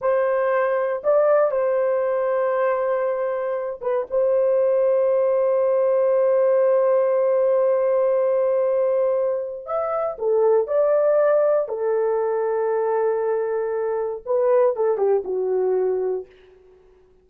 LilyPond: \new Staff \with { instrumentName = "horn" } { \time 4/4 \tempo 4 = 118 c''2 d''4 c''4~ | c''2.~ c''8 b'8 | c''1~ | c''1~ |
c''2. e''4 | a'4 d''2 a'4~ | a'1 | b'4 a'8 g'8 fis'2 | }